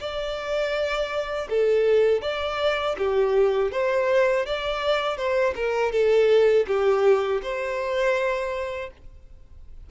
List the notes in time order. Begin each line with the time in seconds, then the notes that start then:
0.00 D5
1.50 A4
2.22 D5
2.98 G4
3.72 C5
4.46 D5
5.17 C5
5.56 A#4
5.92 A4
6.67 G4
7.42 C5